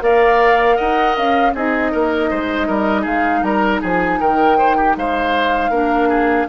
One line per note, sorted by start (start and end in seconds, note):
0.00 0.78 A#3
0.00 1.52 A#4
0.00 0.76 D5
0.00 0.77 F5
0.76 1.17 D#4
0.76 1.52 D#5
0.76 1.15 F#5
1.16 1.54 C#4
1.16 1.54 F5
1.54 1.92 C4
1.54 5.73 D#4
1.54 1.92 G#4
1.54 3.05 D#5
1.92 2.31 A#3
1.92 2.30 A#4
2.30 2.68 G#3
2.30 2.68 C5
2.68 3.05 G3
2.68 3.02 A#4
3.02 3.43 G#3
3.02 3.40 G#4
3.02 3.43 F5
3.43 3.81 G3
3.43 3.81 A#4
3.43 3.81 A#5
3.81 4.20 F3
3.81 4.19 G#4
3.81 4.21 G#5
4.20 4.96 D#3
4.20 4.58 A#4
4.20 4.97 G5
4.58 4.77 C5
4.77 4.96 G4
4.96 5.70 G#3
4.96 5.71 C5
4.96 6.49 F5
5.70 6.46 A#3
5.70 6.49 D4
5.70 6.09 A#4
6.09 6.47 G#4